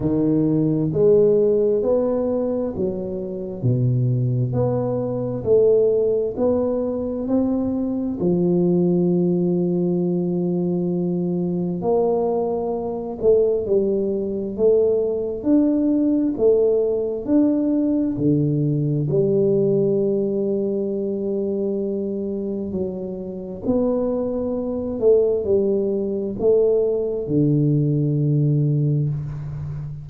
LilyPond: \new Staff \with { instrumentName = "tuba" } { \time 4/4 \tempo 4 = 66 dis4 gis4 b4 fis4 | b,4 b4 a4 b4 | c'4 f2.~ | f4 ais4. a8 g4 |
a4 d'4 a4 d'4 | d4 g2.~ | g4 fis4 b4. a8 | g4 a4 d2 | }